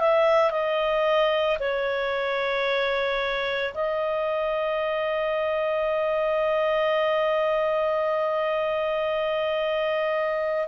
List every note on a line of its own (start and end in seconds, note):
0.00 0.51 E5
0.51 1.58 D#5
1.60 3.74 C#5
3.75 10.69 D#5